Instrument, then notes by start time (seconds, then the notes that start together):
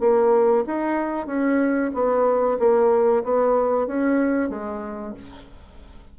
bassoon
0.00 A#3
0.67 D#4
1.27 C#4
1.94 B3
2.59 A#3
3.24 B3
3.87 C#4
4.50 G#3